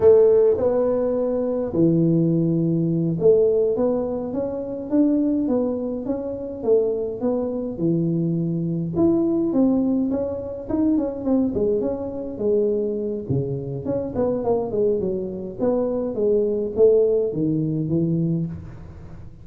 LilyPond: \new Staff \with { instrumentName = "tuba" } { \time 4/4 \tempo 4 = 104 a4 b2 e4~ | e4. a4 b4 cis'8~ | cis'8 d'4 b4 cis'4 a8~ | a8 b4 e2 e'8~ |
e'8 c'4 cis'4 dis'8 cis'8 c'8 | gis8 cis'4 gis4. cis4 | cis'8 b8 ais8 gis8 fis4 b4 | gis4 a4 dis4 e4 | }